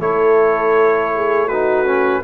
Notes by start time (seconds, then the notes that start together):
0.00 A3 E4 A4 C#5
1.15 G#4
1.48 D#4 F#4 B4
1.86 C#4